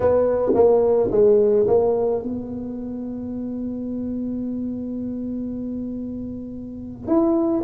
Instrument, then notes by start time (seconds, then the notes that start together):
tuba
0.00 B3
0.54 A#3
1.11 G#3
1.67 A#3
2.22 B3
7.07 E4